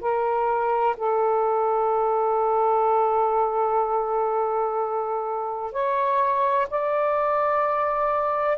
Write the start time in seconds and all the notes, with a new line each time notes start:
0.00 A#4
0.97 A4
5.72 C#5
6.70 D5